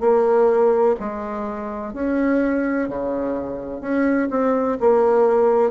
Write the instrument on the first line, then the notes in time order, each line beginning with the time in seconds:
bassoon
0.00 A#3
1.00 G#3
1.94 C#4
2.88 C#3
3.81 C#4
4.30 C4
4.80 A#3